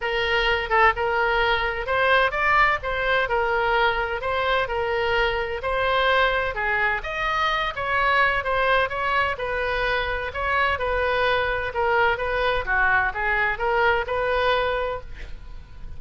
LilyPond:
\new Staff \with { instrumentName = "oboe" } { \time 4/4 \tempo 4 = 128 ais'4. a'8 ais'2 | c''4 d''4 c''4 ais'4~ | ais'4 c''4 ais'2 | c''2 gis'4 dis''4~ |
dis''8 cis''4. c''4 cis''4 | b'2 cis''4 b'4~ | b'4 ais'4 b'4 fis'4 | gis'4 ais'4 b'2 | }